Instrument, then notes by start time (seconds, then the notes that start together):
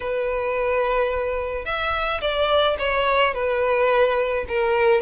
violin
0.00 B4
1.65 E5
2.21 D5
2.79 C#5
3.34 B4
4.48 A#4